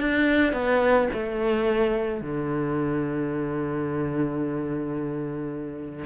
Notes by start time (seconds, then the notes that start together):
0.00 D4
0.53 B3
1.13 A3
2.21 D3